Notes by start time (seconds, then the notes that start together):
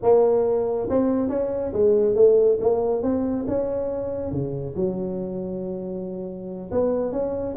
0.02 A#3
0.89 C4
1.29 C#4
1.72 G#3
2.15 A3
2.60 A#3
3.02 C4
3.47 C#4
4.31 C#3
4.76 F#3
6.71 B3
7.12 C#4